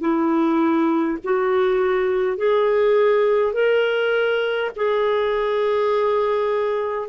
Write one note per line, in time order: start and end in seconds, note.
0.00 1.18 E4
1.24 2.37 F#4
2.37 3.53 G#4
3.53 4.71 A#4
4.75 7.08 G#4